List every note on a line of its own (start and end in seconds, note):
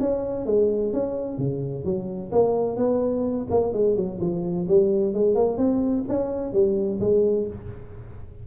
0.00 0.46 C#4
0.46 0.92 G#3
0.92 1.37 C#4
1.37 1.84 C#3
1.84 2.31 F#3
2.31 2.76 A#3
2.76 3.46 B3
3.50 3.72 A#3
3.72 3.96 G#3
3.96 4.19 F#3
4.20 4.67 F3
4.68 5.13 G3
5.13 5.35 G#3
5.35 5.57 A#3
5.57 6.04 C4
6.08 6.53 C#4
6.53 7.00 G3
7.00 7.47 G#3